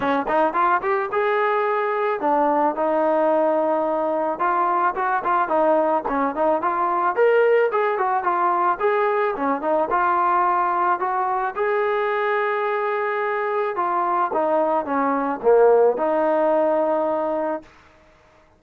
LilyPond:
\new Staff \with { instrumentName = "trombone" } { \time 4/4 \tempo 4 = 109 cis'8 dis'8 f'8 g'8 gis'2 | d'4 dis'2. | f'4 fis'8 f'8 dis'4 cis'8 dis'8 | f'4 ais'4 gis'8 fis'8 f'4 |
gis'4 cis'8 dis'8 f'2 | fis'4 gis'2.~ | gis'4 f'4 dis'4 cis'4 | ais4 dis'2. | }